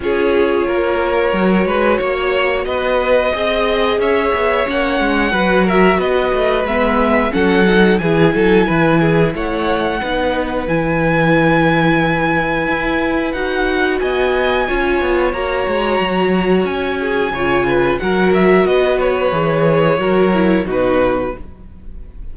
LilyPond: <<
  \new Staff \with { instrumentName = "violin" } { \time 4/4 \tempo 4 = 90 cis''1 | dis''2 e''4 fis''4~ | fis''8 e''8 dis''4 e''4 fis''4 | gis''2 fis''2 |
gis''1 | fis''4 gis''2 ais''4~ | ais''4 gis''2 fis''8 e''8 | dis''8 cis''2~ cis''8 b'4 | }
  \new Staff \with { instrumentName = "violin" } { \time 4/4 gis'4 ais'4. b'8 cis''4 | b'4 dis''4 cis''2 | b'8 ais'8 b'2 a'4 | gis'8 a'8 b'8 gis'8 cis''4 b'4~ |
b'1~ | b'4 dis''4 cis''2~ | cis''4. gis'8 cis''8 b'8 ais'4 | b'2 ais'4 fis'4 | }
  \new Staff \with { instrumentName = "viola" } { \time 4/4 f'2 fis'2~ | fis'4 gis'2 cis'4 | fis'2 b4 cis'8 dis'8 | e'2. dis'4 |
e'1 | fis'2 f'4 fis'4~ | fis'2 f'4 fis'4~ | fis'4 gis'4 fis'8 e'8 dis'4 | }
  \new Staff \with { instrumentName = "cello" } { \time 4/4 cis'4 ais4 fis8 gis8 ais4 | b4 c'4 cis'8 b8 ais8 gis8 | fis4 b8 a8 gis4 fis4 | e8 fis8 e4 a4 b4 |
e2. e'4 | dis'4 b4 cis'8 b8 ais8 gis8 | fis4 cis'4 cis4 fis4 | b4 e4 fis4 b,4 | }
>>